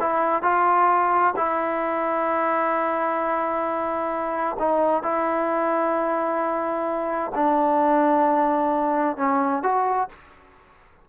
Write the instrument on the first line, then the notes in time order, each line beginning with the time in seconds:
trombone
0.00 E4
0.42 F4
1.36 E4
4.59 D#4
5.03 E4
7.35 D4
9.17 C#4
9.63 F#4